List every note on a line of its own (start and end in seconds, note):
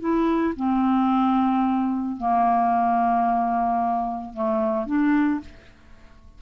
0.00 0.54 E4
0.57 2.17 C4
2.17 4.34 A#3
4.34 4.86 A3
4.86 5.41 D4